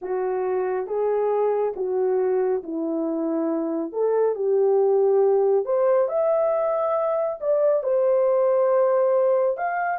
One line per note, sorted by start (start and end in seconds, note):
0.01 0.87 F#4
0.87 1.74 G#4
1.75 2.62 F#4
2.63 3.92 E4
3.92 4.35 A4
4.35 5.65 G4
5.65 6.08 C5
6.08 7.38 E5
7.40 7.83 D5
7.83 9.57 C5
9.57 9.98 F5